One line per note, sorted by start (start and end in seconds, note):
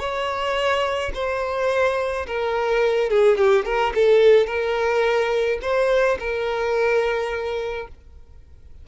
0.00 1.12 C#5
1.15 2.27 C5
2.27 3.10 A#4
3.10 3.38 G#4
3.38 3.66 G4
3.66 3.94 A#4
3.95 4.47 A4
4.47 5.59 A#4
5.62 6.18 C5
6.20 7.88 A#4